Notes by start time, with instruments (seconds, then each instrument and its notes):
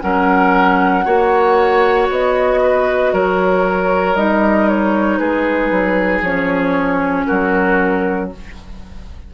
0.00 bassoon F#3, clarinet C#4, oboe A#4, flute F#5
1.05 bassoon A#3, clarinet F#4, oboe C#5
2.09 bassoon B3, flute D#5
2.63 oboe B4
3.13 bassoon F#3, oboe A#4, flute C#5
4.15 bassoon G3, clarinet D#4, flute D#5
4.68 flute C#5
5.18 bassoon G#3, oboe G#4, flute B4
5.71 bassoon F#3
6.21 bassoon F3, clarinet C#4, flute C#5
7.25 bassoon F#3, oboe F#4, flute A#4